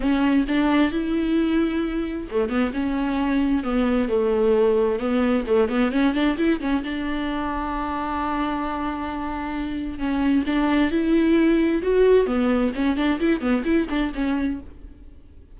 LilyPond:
\new Staff \with { instrumentName = "viola" } { \time 4/4 \tempo 4 = 132 cis'4 d'4 e'2~ | e'4 a8 b8 cis'2 | b4 a2 b4 | a8 b8 cis'8 d'8 e'8 cis'8 d'4~ |
d'1~ | d'2 cis'4 d'4 | e'2 fis'4 b4 | cis'8 d'8 e'8 b8 e'8 d'8 cis'4 | }